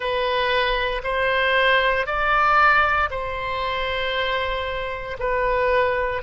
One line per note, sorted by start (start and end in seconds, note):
0.00 1.02 B4
1.03 2.06 C5
2.06 3.09 D5
3.10 5.17 C5
5.19 6.22 B4